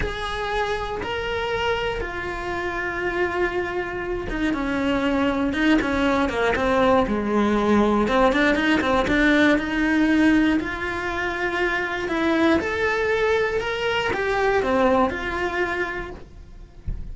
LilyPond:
\new Staff \with { instrumentName = "cello" } { \time 4/4 \tempo 4 = 119 gis'2 ais'2 | f'1~ | f'8 dis'8 cis'2 dis'8 cis'8~ | cis'8 ais8 c'4 gis2 |
c'8 d'8 dis'8 c'8 d'4 dis'4~ | dis'4 f'2. | e'4 a'2 ais'4 | g'4 c'4 f'2 | }